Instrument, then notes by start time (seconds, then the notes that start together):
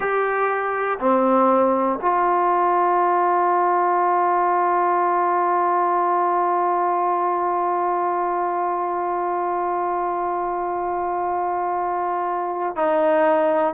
trombone
0.00 G4
0.99 C4
2.01 F4
12.75 D#4